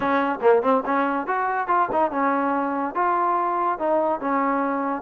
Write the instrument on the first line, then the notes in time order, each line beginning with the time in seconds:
trombone
0.00 C#4
0.41 A#3
0.62 C4
0.85 C#4
1.27 F#4
1.67 F4
1.91 D#4
2.11 C#4
2.94 F4
3.79 D#4
4.20 C#4